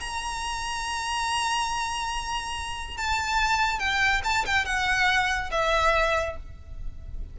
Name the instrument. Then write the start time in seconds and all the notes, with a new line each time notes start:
violin
0.00 A#5
2.97 A5
3.79 G5
4.24 A5
4.46 G5
4.65 F#5
5.51 E5